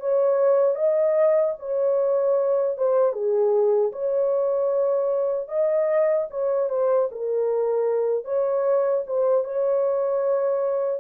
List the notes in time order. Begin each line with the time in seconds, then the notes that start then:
0.00 C#5
0.75 D#5
1.59 C#5
2.77 C5
3.13 G#4
3.92 C#5
5.48 D#5
6.30 C#5
6.70 C5
7.11 A#4
8.25 C#5
9.06 C5
9.44 C#5